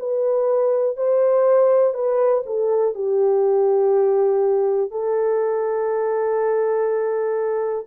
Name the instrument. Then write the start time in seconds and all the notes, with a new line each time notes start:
horn
0.00 B4
0.97 C5
1.94 B4
2.46 A4
2.95 G4
4.91 A4